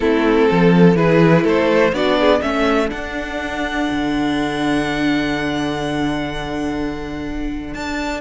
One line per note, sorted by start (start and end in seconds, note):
0.00 0.49 A3
0.00 0.96 C4
0.00 0.49 E4
0.00 0.95 A4
0.49 0.96 F3
0.49 0.96 A4
0.95 1.44 E3
0.95 1.92 E4
0.95 1.42 G#4
0.95 1.44 B4
1.42 1.92 A3
1.42 1.91 A4
1.42 1.94 C5
1.92 2.40 B3
1.92 2.41 D4
1.92 2.19 F#4
1.92 2.41 D5
2.19 2.42 G#4
2.41 2.91 A3
2.41 2.88 C#4
2.41 8.20 A4
2.41 2.89 E5
2.88 8.20 D4
2.88 3.89 D4
2.88 7.73 F#5
3.91 7.74 D3
7.73 8.20 D4
7.73 8.20 A5